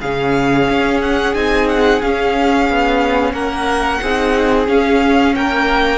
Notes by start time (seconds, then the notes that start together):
0.00 C#3 C#4 G#4 F5
0.70 C#4
1.02 F#5
1.35 C4 D#4 G#5
1.69 F#5
2.02 C#4 F5
2.70 B3
3.33 A#3 A#4 F#5
4.02 C4 D#4 G#4
4.67 C#4 F5
5.36 A#3 A#4 G5